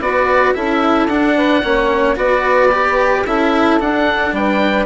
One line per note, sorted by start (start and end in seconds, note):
0.00 0.54 B3
0.00 0.54 F#4
0.00 0.54 B4
0.00 0.53 D5
0.53 1.07 C#4
0.53 1.08 E4
0.53 1.35 A4
0.53 1.08 E5
1.07 1.61 D4
1.07 1.63 D4
1.07 2.16 F#5
1.36 1.63 B4
1.63 2.16 A#3
1.63 2.16 C#4
1.63 2.18 C#5
2.16 3.24 B3
2.16 2.70 F#4
2.16 3.25 B4
2.16 3.26 D5
2.71 3.25 G4
3.25 3.79 C#4
3.25 3.80 E4
3.25 4.33 A4
3.25 3.80 E5
3.80 4.85 D4
3.80 4.32 D4
3.80 4.34 F#5
4.32 4.85 G3
4.32 4.85 B4
4.32 4.85 G5